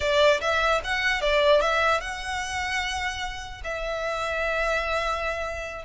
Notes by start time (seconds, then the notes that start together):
0.00 D5
0.40 E5
0.83 F#5
1.21 D5
1.61 E5
2.00 F#5
3.64 E5